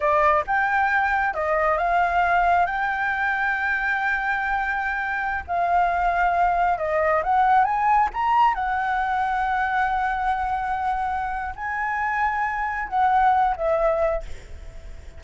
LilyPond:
\new Staff \with { instrumentName = "flute" } { \time 4/4 \tempo 4 = 135 d''4 g''2 dis''4 | f''2 g''2~ | g''1~ | g''16 f''2. dis''8.~ |
dis''16 fis''4 gis''4 ais''4 fis''8.~ | fis''1~ | fis''2 gis''2~ | gis''4 fis''4. e''4. | }